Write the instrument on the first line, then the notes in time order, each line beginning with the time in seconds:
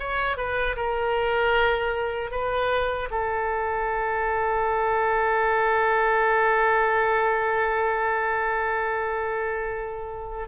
oboe
0.00 C#5
0.38 B4
0.77 A#4
2.32 B4
3.11 A4